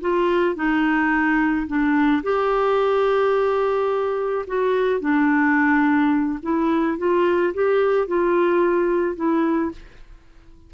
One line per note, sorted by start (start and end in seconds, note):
0.00 0.55 F4
0.55 1.66 D#4
1.67 2.22 D4
2.23 4.45 G4
4.46 5.00 F#4
5.00 6.39 D4
6.42 6.97 E4
6.97 7.53 F4
7.54 8.07 G4
8.07 9.15 F4
9.15 9.71 E4